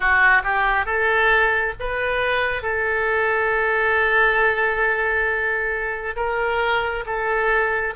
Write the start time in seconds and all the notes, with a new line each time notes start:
0.00 F#4
0.43 G4
0.85 A4
1.79 B4
2.62 A4
6.16 A#4
7.05 A4